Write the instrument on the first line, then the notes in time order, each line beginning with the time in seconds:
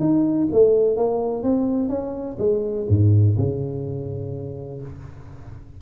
tuba
0.00 D#4
0.52 A3
0.97 A#3
1.43 C4
1.89 C#4
2.39 G#3
2.89 G#2
3.38 C#3